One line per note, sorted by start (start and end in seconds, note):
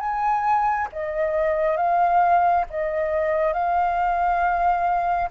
0.00 0.88 G#5
0.93 1.76 D#5
1.76 2.65 F5
2.70 3.53 D#5
3.53 5.30 F5